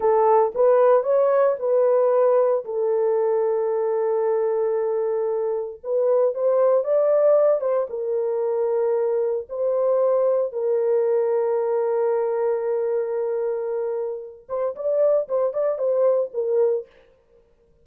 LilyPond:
\new Staff \with { instrumentName = "horn" } { \time 4/4 \tempo 4 = 114 a'4 b'4 cis''4 b'4~ | b'4 a'2.~ | a'2. b'4 | c''4 d''4. c''8 ais'4~ |
ais'2 c''2 | ais'1~ | ais'2.~ ais'8 c''8 | d''4 c''8 d''8 c''4 ais'4 | }